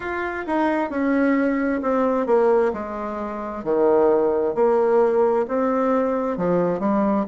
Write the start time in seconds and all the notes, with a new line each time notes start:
0.00 F4
0.46 D#4
0.90 C#4
1.82 C4
2.26 A#3
2.73 G#3
3.64 D#3
4.55 A#3
5.48 C4
6.37 F3
6.79 G3